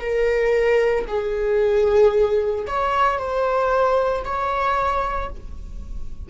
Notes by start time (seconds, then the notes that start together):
0.00 A#4
1.08 G#4
2.67 C#5
3.18 C5
4.24 C#5